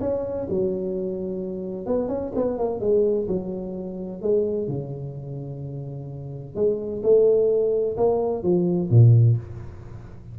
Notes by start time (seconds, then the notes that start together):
0.00 C#4
0.50 F#3
1.86 B3
2.08 C#4
2.35 B3
2.58 A#3
2.80 G#3
3.28 F#3
4.22 G#3
4.67 C#3
6.55 G#3
7.03 A3
7.97 A#3
8.43 F3
8.90 A#2